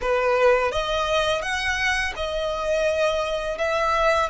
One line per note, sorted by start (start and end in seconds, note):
0.01 0.71 B4
0.71 1.42 D#5
1.42 2.13 F#5
2.16 3.58 D#5
3.58 4.29 E5